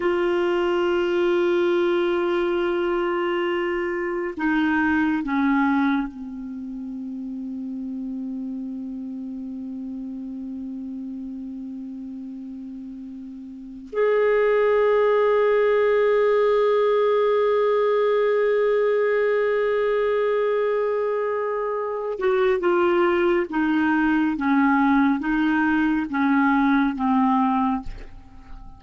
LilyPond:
\new Staff \with { instrumentName = "clarinet" } { \time 4/4 \tempo 4 = 69 f'1~ | f'4 dis'4 cis'4 c'4~ | c'1~ | c'1 |
gis'1~ | gis'1~ | gis'4. fis'8 f'4 dis'4 | cis'4 dis'4 cis'4 c'4 | }